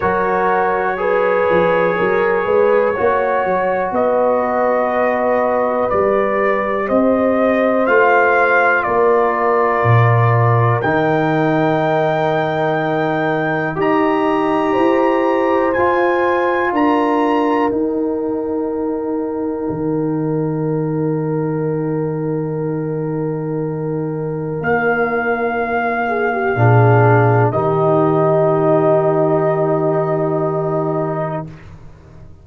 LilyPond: <<
  \new Staff \with { instrumentName = "trumpet" } { \time 4/4 \tempo 4 = 61 cis''1 | dis''2 d''4 dis''4 | f''4 d''2 g''4~ | g''2 ais''2 |
gis''4 ais''4 g''2~ | g''1~ | g''4 f''2. | dis''1 | }
  \new Staff \with { instrumentName = "horn" } { \time 4/4 ais'4 b'4 ais'8 b'8 cis''4 | b'2. c''4~ | c''4 ais'2.~ | ais'2 dis''4 c''4~ |
c''4 ais'2.~ | ais'1~ | ais'2~ ais'8 gis'16 g'16 gis'4 | g'1 | }
  \new Staff \with { instrumentName = "trombone" } { \time 4/4 fis'4 gis'2 fis'4~ | fis'2 g'2 | f'2. dis'4~ | dis'2 g'2 |
f'2 dis'2~ | dis'1~ | dis'2. d'4 | dis'1 | }
  \new Staff \with { instrumentName = "tuba" } { \time 4/4 fis4. f8 fis8 gis8 ais8 fis8 | b2 g4 c'4 | a4 ais4 ais,4 dis4~ | dis2 dis'4 e'4 |
f'4 d'4 dis'2 | dis1~ | dis4 ais2 ais,4 | dis1 | }
>>